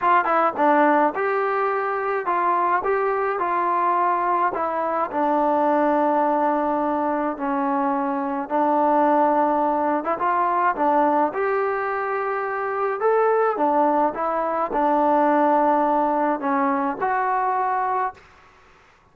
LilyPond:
\new Staff \with { instrumentName = "trombone" } { \time 4/4 \tempo 4 = 106 f'8 e'8 d'4 g'2 | f'4 g'4 f'2 | e'4 d'2.~ | d'4 cis'2 d'4~ |
d'4.~ d'16 e'16 f'4 d'4 | g'2. a'4 | d'4 e'4 d'2~ | d'4 cis'4 fis'2 | }